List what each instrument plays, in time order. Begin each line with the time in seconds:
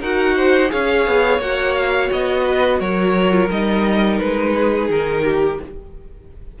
0.00 cello D#4, viola F#4, violin A#4 F#5
0.36 violin C5
0.68 cello C#4, viola G#4, violin C#5 F5
1.07 cello B3
1.38 cello A#3, viola F#4, violin F#5
1.74 violin F5
2.12 cello B3, violin D#5
2.44 violin B4
2.79 cello F#3, violin A#4 C#5
3.31 viola F4
3.50 cello G3, viola D#4, violin D#5
4.18 cello G#3, violin B4
4.55 violin G#4
4.89 cello D#3, violin A#4
5.24 violin G4